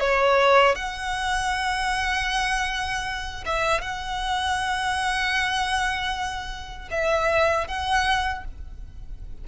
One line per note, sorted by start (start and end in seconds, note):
0.00 0.76 C#5
0.76 3.45 F#5
3.46 3.81 E5
3.81 6.89 F#5
6.91 7.67 E5
7.67 8.44 F#5